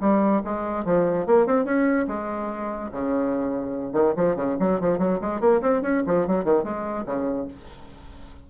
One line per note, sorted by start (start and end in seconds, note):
0.00 0.42 G3
0.44 0.85 G#3
0.85 1.26 F3
1.26 1.46 A#3
1.46 1.65 C4
1.65 2.06 C#4
2.07 2.91 G#3
2.91 3.93 C#3
3.93 4.13 D#3
4.16 4.36 F3
4.36 4.57 C#3
4.59 4.80 F#3
4.80 4.98 F3
4.98 5.19 F#3
5.21 5.40 G#3
5.40 5.61 A#3
5.61 5.82 C4
5.82 6.03 C#4
6.06 6.27 F3
6.27 6.44 F#3
6.44 6.63 D#3
6.63 7.05 G#3
7.05 7.47 C#3